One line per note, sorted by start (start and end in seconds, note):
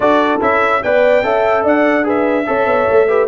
0.00 0.38 D4
0.00 0.40 F#4
0.00 0.82 A4
0.00 0.41 D5
0.41 0.83 C#4
0.41 0.82 E4
0.41 0.82 E5
0.82 1.23 B3
0.82 1.23 B4
0.82 1.24 D5
0.82 1.65 G5
1.23 1.64 C#4
1.23 2.03 A4
1.23 1.64 E5
1.64 2.46 D4
1.64 2.05 D5
1.64 2.07 F#5
2.03 2.44 G#4
2.03 2.47 B4
2.03 3.27 E5
2.46 2.65 C#4
2.46 3.08 A4
2.46 3.07 C#5
2.65 2.86 B3
2.90 3.27 A3
3.07 3.27 G4
3.07 3.27 B4